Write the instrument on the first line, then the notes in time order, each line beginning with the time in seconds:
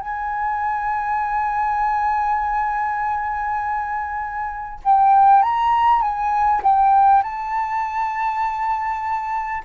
flute
0.00 G#5
4.85 G5
5.43 A#5
6.02 G#5
6.63 G5
7.23 A5